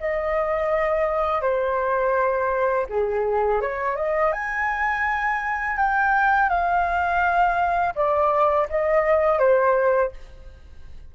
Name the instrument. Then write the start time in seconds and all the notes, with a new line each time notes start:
flute
0.00 D#5
1.42 C5
2.89 G#4
3.61 C#5
3.96 D#5
4.32 G#5
5.77 G5
6.49 F5
7.96 D5
8.70 D#5
9.39 C5